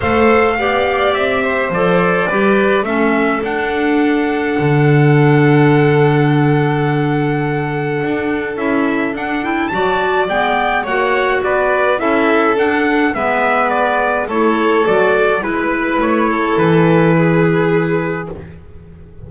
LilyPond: <<
  \new Staff \with { instrumentName = "trumpet" } { \time 4/4 \tempo 4 = 105 f''2 e''4 d''4~ | d''4 e''4 fis''2~ | fis''1~ | fis''2. e''4 |
fis''8 g''8 a''4 g''4 fis''4 | d''4 e''4 fis''4 e''4 | d''4 cis''4 d''4 b'4 | cis''4 b'2. | }
  \new Staff \with { instrumentName = "violin" } { \time 4/4 c''4 d''4. c''4. | b'4 a'2.~ | a'1~ | a'1~ |
a'4 d''2 cis''4 | b'4 a'2 b'4~ | b'4 a'2 b'4~ | b'8 a'4. gis'2 | }
  \new Staff \with { instrumentName = "clarinet" } { \time 4/4 a'4 g'2 a'4 | g'4 cis'4 d'2~ | d'1~ | d'2. e'4 |
d'8 e'8 fis'4 b4 fis'4~ | fis'4 e'4 d'4 b4~ | b4 e'4 fis'4 e'4~ | e'1 | }
  \new Staff \with { instrumentName = "double bass" } { \time 4/4 a4 b4 c'4 f4 | g4 a4 d'2 | d1~ | d2 d'4 cis'4 |
d'4 fis4 gis4 ais4 | b4 cis'4 d'4 gis4~ | gis4 a4 fis4 gis4 | a4 e2. | }
>>